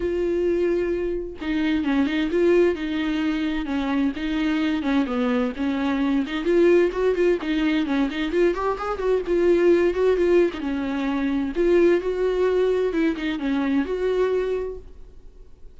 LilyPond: \new Staff \with { instrumentName = "viola" } { \time 4/4 \tempo 4 = 130 f'2. dis'4 | cis'8 dis'8 f'4 dis'2 | cis'4 dis'4. cis'8 b4 | cis'4. dis'8 f'4 fis'8 f'8 |
dis'4 cis'8 dis'8 f'8 g'8 gis'8 fis'8 | f'4. fis'8 f'8. dis'16 cis'4~ | cis'4 f'4 fis'2 | e'8 dis'8 cis'4 fis'2 | }